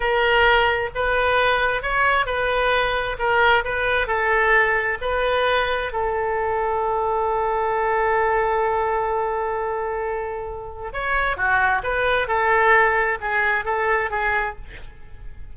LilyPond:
\new Staff \with { instrumentName = "oboe" } { \time 4/4 \tempo 4 = 132 ais'2 b'2 | cis''4 b'2 ais'4 | b'4 a'2 b'4~ | b'4 a'2.~ |
a'1~ | a'1 | cis''4 fis'4 b'4 a'4~ | a'4 gis'4 a'4 gis'4 | }